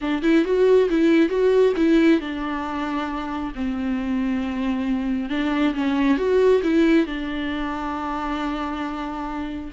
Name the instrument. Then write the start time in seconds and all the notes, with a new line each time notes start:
viola
0.01 D4
0.22 E4
0.44 F#4
0.89 E4
1.29 F#4
1.76 E4
2.20 D4
3.55 C4
5.29 D4
5.74 C#4
6.17 F#4
6.63 E4
7.06 D4